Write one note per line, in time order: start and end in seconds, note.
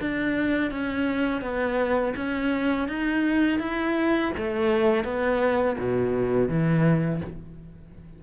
0.00 0.70 D4
0.70 1.41 C#4
1.41 2.13 B3
2.16 2.88 C#4
2.88 3.59 D#4
3.59 4.31 E4
4.37 5.04 A3
5.04 5.76 B3
5.78 6.48 B2
6.48 7.21 E3